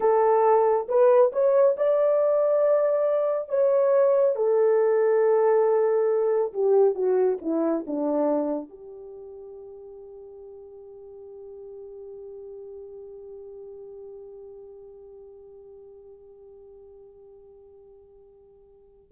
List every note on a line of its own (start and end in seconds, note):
0.00 0.87 A4
0.88 1.31 B4
1.32 1.75 C#5
1.76 3.49 D5
3.49 4.35 C#5
4.35 6.53 A4
6.53 6.94 G4
6.94 7.38 F#4
7.42 7.85 E4
7.87 8.69 D4
8.69 19.11 G4